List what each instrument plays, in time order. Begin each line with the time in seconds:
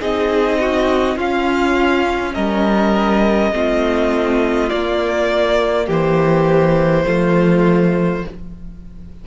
0.00 cello C4, viola D#4, violin G#4 D#5
0.60 violin F#4
1.16 cello C#4, viola C#4, violin F4 F5
2.34 cello G3, violin A#4 D#5
3.52 cello A3, viola C4, violin F4
4.69 viola A#3, cello A#3, violin D5
5.86 cello E3, violin G4 C5
7.05 cello F3, viola A3, violin F4